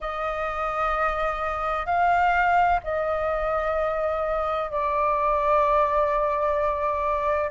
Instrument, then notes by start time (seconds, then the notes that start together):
flute
0.00 D#5
1.86 F5
2.83 D#5
4.70 D5